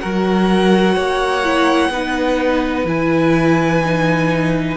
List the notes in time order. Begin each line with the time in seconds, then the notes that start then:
0.00 F#3 F#4 A#4 F#5
0.94 A#3 C#5
1.44 E4
1.89 B3 D#4 B4
2.84 E3 E4 G#5
3.84 D#4